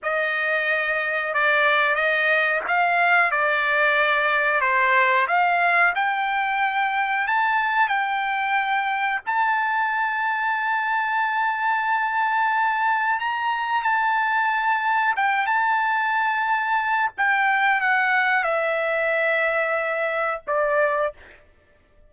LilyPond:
\new Staff \with { instrumentName = "trumpet" } { \time 4/4 \tempo 4 = 91 dis''2 d''4 dis''4 | f''4 d''2 c''4 | f''4 g''2 a''4 | g''2 a''2~ |
a''1 | ais''4 a''2 g''8 a''8~ | a''2 g''4 fis''4 | e''2. d''4 | }